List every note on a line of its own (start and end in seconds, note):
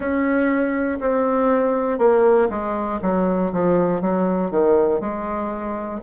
0.00 0.98 C#4
1.00 1.98 C4
1.98 2.48 A#3
2.50 3.00 G#3
3.01 3.51 F#3
3.52 4.01 F3
4.01 4.50 F#3
4.50 5.00 D#3
5.00 6.00 G#3